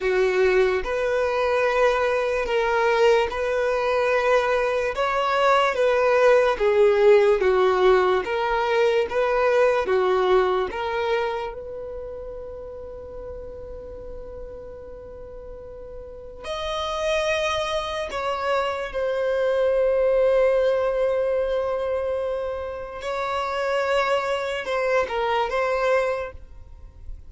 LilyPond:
\new Staff \with { instrumentName = "violin" } { \time 4/4 \tempo 4 = 73 fis'4 b'2 ais'4 | b'2 cis''4 b'4 | gis'4 fis'4 ais'4 b'4 | fis'4 ais'4 b'2~ |
b'1 | dis''2 cis''4 c''4~ | c''1 | cis''2 c''8 ais'8 c''4 | }